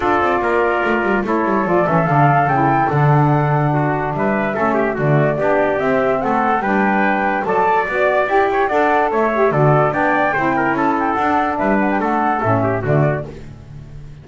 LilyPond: <<
  \new Staff \with { instrumentName = "flute" } { \time 4/4 \tempo 4 = 145 d''2. cis''4 | d''8 e''8 f''4 g''4 fis''4~ | fis''2 e''2 | d''2 e''4 fis''4 |
g''2 a''4 d''4 | g''4 fis''4 e''4 d''4 | g''2 a''8 g''8 fis''4 | e''8 fis''16 g''16 fis''4 e''4 d''4 | }
  \new Staff \with { instrumentName = "trumpet" } { \time 4/4 a'4 ais'2 a'4~ | a'1~ | a'4 fis'4 b'4 a'8 g'8 | fis'4 g'2 a'4 |
b'2 d''2~ | d''8 cis''8 d''4 cis''4 a'4 | d''4 c''8 ais'8 a'2 | b'4 a'4. g'8 fis'4 | }
  \new Staff \with { instrumentName = "saxophone" } { \time 4/4 f'2. e'4 | f'8 cis'8 d'4 e'4 d'4~ | d'2. cis'4 | a4 d'4 c'2 |
d'2 a'4 fis'4 | g'4 a'4. g'8 fis'4 | d'4 e'2 d'4~ | d'2 cis'4 a4 | }
  \new Staff \with { instrumentName = "double bass" } { \time 4/4 d'8 c'8 ais4 a8 g8 a8 g8 | f8 e8 d4 cis4 d4~ | d2 g4 a4 | d4 b4 c'4 a4 |
g2 fis4 b4 | e'4 d'4 a4 d4 | b4 c'4 cis'4 d'4 | g4 a4 a,4 d4 | }
>>